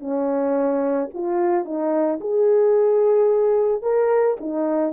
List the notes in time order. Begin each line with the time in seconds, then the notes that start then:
0.00 C#4
1.14 F4
1.65 D#4
2.21 G#4
3.83 A#4
4.40 D#4